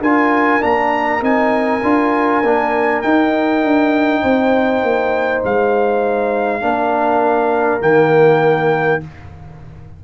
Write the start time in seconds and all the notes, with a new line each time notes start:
0.00 D4 F4 A#4 G#5
0.60 A#3 D4 A#5
1.21 C4 D#4 G#5
1.83 D4 F4
2.43 A#3 D4
3.02 D#4 G5
3.63 D4
4.21 C4 C5
4.83 A#3
5.44 G#3 F5
6.61 A#3 D4 A#4
7.81 D#3 A#3 G5